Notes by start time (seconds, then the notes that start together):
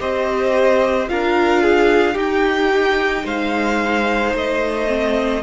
0.00 C4 G4 C5 D#5
1.08 D4 F4 A#4 F5
1.63 G#4
2.14 D#4 G4 G5
3.25 G#3 C5 F5
4.35 A3 D#5
4.88 C4